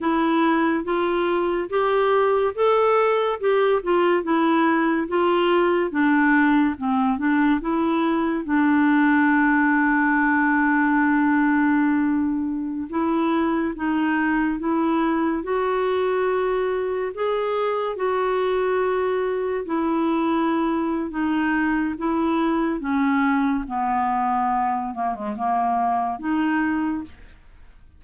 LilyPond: \new Staff \with { instrumentName = "clarinet" } { \time 4/4 \tempo 4 = 71 e'4 f'4 g'4 a'4 | g'8 f'8 e'4 f'4 d'4 | c'8 d'8 e'4 d'2~ | d'2.~ d'16 e'8.~ |
e'16 dis'4 e'4 fis'4.~ fis'16~ | fis'16 gis'4 fis'2 e'8.~ | e'4 dis'4 e'4 cis'4 | b4. ais16 gis16 ais4 dis'4 | }